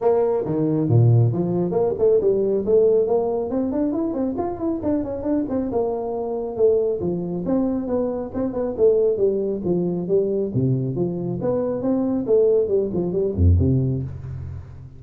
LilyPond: \new Staff \with { instrumentName = "tuba" } { \time 4/4 \tempo 4 = 137 ais4 dis4 ais,4 f4 | ais8 a8 g4 a4 ais4 | c'8 d'8 e'8 c'8 f'8 e'8 d'8 cis'8 | d'8 c'8 ais2 a4 |
f4 c'4 b4 c'8 b8 | a4 g4 f4 g4 | c4 f4 b4 c'4 | a4 g8 f8 g8 f,8 c4 | }